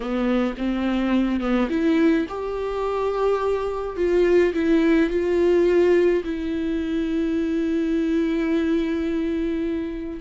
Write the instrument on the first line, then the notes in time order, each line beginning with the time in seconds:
viola
0.00 B3
0.57 C4
1.40 B3
1.69 E4
2.28 G4
3.96 F4
4.53 E4
5.09 F4
6.24 E4